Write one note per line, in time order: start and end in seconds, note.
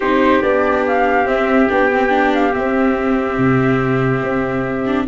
0.00 0.42 C4
0.00 0.42 D#4
0.00 5.06 G4
0.00 0.42 C5
0.42 1.26 B3
0.42 1.25 D4
0.42 0.84 D5
0.87 1.27 F5
1.25 1.67 C4
1.25 1.68 C4
1.25 1.69 E5
1.69 2.54 B3
1.69 1.90 D4
1.69 2.33 G5
1.92 2.09 C4
2.09 2.51 D4
2.34 2.53 F5
2.53 4.85 C4
2.53 3.37 C4
2.53 5.07 E5
3.37 4.22 C3
4.22 5.06 C4
4.86 5.07 D4